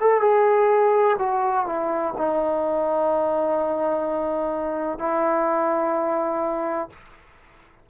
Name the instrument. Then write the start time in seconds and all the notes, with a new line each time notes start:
trombone
0.00 A4
0.21 G#4
1.18 F#4
1.66 E4
2.17 D#4
4.98 E4